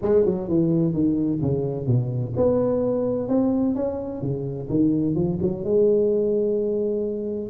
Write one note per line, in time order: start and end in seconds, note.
0.01 0.25 G#3
0.25 0.48 F#3
0.48 0.93 E3
0.93 1.40 D#3
1.41 1.86 C#3
1.86 2.33 B2
2.36 3.28 B3
3.28 3.75 C4
3.75 4.21 C#4
4.21 4.68 C#3
4.69 5.15 D#3
5.15 5.38 F3
5.41 5.64 F#3
5.64 7.49 G#3